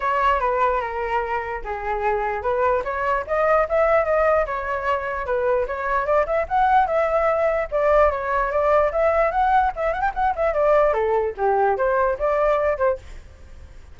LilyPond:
\new Staff \with { instrumentName = "flute" } { \time 4/4 \tempo 4 = 148 cis''4 b'4 ais'2 | gis'2 b'4 cis''4 | dis''4 e''4 dis''4 cis''4~ | cis''4 b'4 cis''4 d''8 e''8 |
fis''4 e''2 d''4 | cis''4 d''4 e''4 fis''4 | e''8 fis''16 g''16 fis''8 e''8 d''4 a'4 | g'4 c''4 d''4. c''8 | }